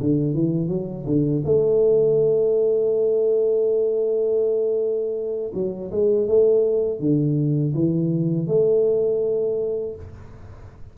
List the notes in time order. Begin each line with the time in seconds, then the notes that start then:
0.00 D3
0.34 E3
0.68 F#3
1.06 D3
1.45 A3
5.54 F#3
5.92 G#3
6.28 A3
7.00 D3
7.75 E3
8.47 A3